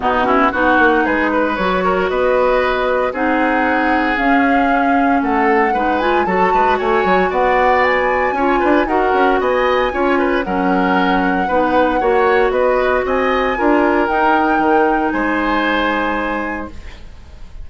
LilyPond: <<
  \new Staff \with { instrumentName = "flute" } { \time 4/4 \tempo 4 = 115 fis'4 fis''4 b'4 cis''4 | dis''2 fis''2 | f''2 fis''4. gis''8 | a''4 gis''4 fis''4 gis''4~ |
gis''4 fis''4 gis''2 | fis''1 | dis''4 gis''2 g''4~ | g''4 gis''2. | }
  \new Staff \with { instrumentName = "oboe" } { \time 4/4 dis'8 e'8 fis'4 gis'8 b'4 ais'8 | b'2 gis'2~ | gis'2 a'4 b'4 | a'8 b'8 cis''4 d''2 |
cis''8 b'8 ais'4 dis''4 cis''8 b'8 | ais'2 b'4 cis''4 | b'4 dis''4 ais'2~ | ais'4 c''2. | }
  \new Staff \with { instrumentName = "clarinet" } { \time 4/4 b8 cis'8 dis'2 fis'4~ | fis'2 dis'2 | cis'2. dis'8 f'8 | fis'1 |
f'4 fis'2 f'4 | cis'2 dis'4 fis'4~ | fis'2 f'4 dis'4~ | dis'1 | }
  \new Staff \with { instrumentName = "bassoon" } { \time 4/4 b,4 b8 ais8 gis4 fis4 | b2 c'2 | cis'2 a4 gis4 | fis8 gis8 a8 fis8 b2 |
cis'8 d'8 dis'8 cis'8 b4 cis'4 | fis2 b4 ais4 | b4 c'4 d'4 dis'4 | dis4 gis2. | }
>>